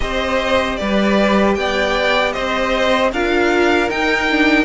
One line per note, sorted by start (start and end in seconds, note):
0.00 0.78 C4
0.00 3.09 G4
0.00 0.79 C5
0.00 0.76 D#5
0.76 1.57 G3
0.76 1.57 B4
0.76 1.54 D5
1.54 2.35 B3
1.54 2.33 D5
1.54 2.32 G5
2.32 3.12 C4
2.32 3.11 C5
2.32 3.10 D#5
3.12 3.90 D4
3.12 3.89 F4
3.12 4.65 A#4
3.12 3.90 F5
3.89 4.28 D#4
3.89 4.65 D#4
3.89 4.65 G5
4.30 4.65 D4